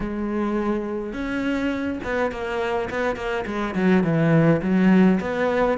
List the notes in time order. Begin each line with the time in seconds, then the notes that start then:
0.00 G#3
1.13 C#4
2.03 B3
2.31 A#3
2.90 B3
3.16 A#3
3.46 G#3
3.74 F#3
4.03 E3
4.62 F#3
5.20 B3